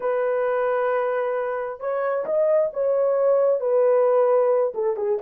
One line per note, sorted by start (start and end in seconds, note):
0.00 1.79 B4
1.79 2.25 C#5
2.25 2.70 D#5
2.73 3.60 C#5
3.60 4.73 B4
4.74 4.96 A4
4.96 5.19 G#4